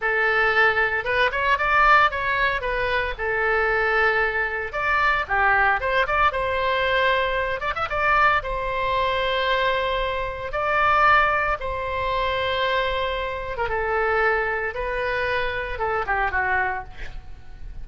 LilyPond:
\new Staff \with { instrumentName = "oboe" } { \time 4/4 \tempo 4 = 114 a'2 b'8 cis''8 d''4 | cis''4 b'4 a'2~ | a'4 d''4 g'4 c''8 d''8 | c''2~ c''8 d''16 e''16 d''4 |
c''1 | d''2 c''2~ | c''4.~ c''16 ais'16 a'2 | b'2 a'8 g'8 fis'4 | }